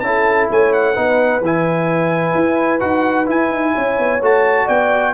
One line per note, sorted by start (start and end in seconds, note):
0.00 0.48 C#4
0.00 0.94 E4
0.00 0.47 A5
0.06 0.51 A4
0.50 0.97 A3
0.50 0.93 C#5
0.50 0.73 G#5
0.73 1.42 F#5
0.93 1.41 B3
0.93 1.41 D#4
0.93 3.72 B4
1.41 2.34 E3
1.41 2.79 E4
1.41 2.80 G#5
2.35 2.81 E4
2.79 3.28 D#4
2.79 3.26 F#4
2.79 3.26 F#5
3.26 4.19 E4
3.26 3.50 E4
3.26 4.23 G#5
3.50 3.73 D#4
3.74 3.98 C#4
3.74 4.65 C#5
3.98 4.21 B3
4.21 4.67 A3
4.21 5.13 F#4
4.21 4.68 A5
4.65 5.13 B3
4.65 5.12 D5
4.65 5.13 G5